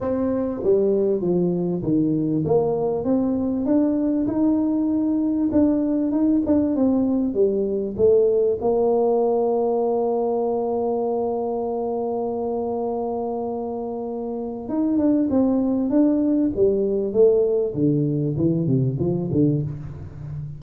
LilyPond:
\new Staff \with { instrumentName = "tuba" } { \time 4/4 \tempo 4 = 98 c'4 g4 f4 dis4 | ais4 c'4 d'4 dis'4~ | dis'4 d'4 dis'8 d'8 c'4 | g4 a4 ais2~ |
ais1~ | ais1 | dis'8 d'8 c'4 d'4 g4 | a4 d4 e8 c8 f8 d8 | }